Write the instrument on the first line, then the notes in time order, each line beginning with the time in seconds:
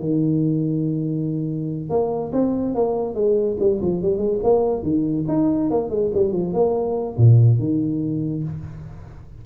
tuba
0.00 D#3
1.90 A#3
2.33 C4
2.75 A#3
3.15 G#3
3.60 G3
3.82 F3
4.02 G3
4.18 G#3
4.44 A#3
4.83 D#3
5.28 D#4
5.71 A#3
5.90 G#3
6.15 G3
6.33 F3
6.53 A#3
7.18 A#2
7.59 D#3